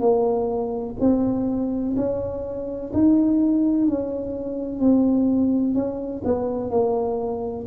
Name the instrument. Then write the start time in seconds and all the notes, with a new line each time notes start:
tuba
0.00 A#3
1.00 C4
1.97 C#4
2.94 D#4
3.88 C#4
4.80 C4
5.74 C#4
6.24 B3
6.71 A#3